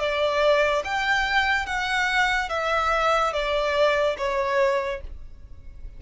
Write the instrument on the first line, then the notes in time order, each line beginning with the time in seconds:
violin
0.00 D5
0.85 G5
1.66 F#5
2.50 E5
3.33 D5
4.18 C#5